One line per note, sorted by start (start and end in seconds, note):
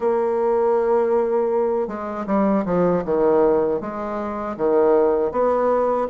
0.00 1.87 A#3
1.87 2.25 G#3
2.26 2.64 G3
2.65 3.03 F3
3.04 3.80 D#3
3.80 4.56 G#3
4.56 5.31 D#3
5.31 6.07 B3